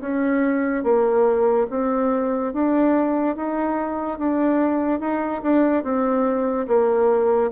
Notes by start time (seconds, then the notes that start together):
0.00 C#4
0.83 A#3
1.70 C4
2.53 D4
3.36 D#4
4.18 D4
5.00 D#4
5.42 D4
5.83 C4
6.67 A#3